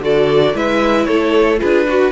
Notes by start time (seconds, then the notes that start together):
0.00 D3 F#4 A4 D5
0.54 G#3 E4 B4 E5
1.06 A3 A4 C#5
1.59 D4 F4 G#4 B4
1.88 F#4